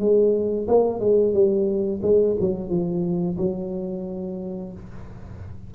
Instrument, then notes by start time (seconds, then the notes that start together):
tuba
0.00 G#3
0.68 A#3
1.00 G#3
1.34 G3
2.03 G#3
2.41 F#3
2.70 F3
3.38 F#3